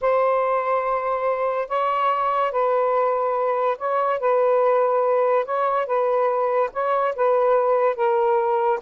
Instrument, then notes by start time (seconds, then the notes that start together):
saxophone
0.01 C5
1.68 C#5
2.51 B4
3.78 C#5
4.19 B4
5.45 C#5
5.86 B4
6.72 C#5
7.15 B4
7.95 A#4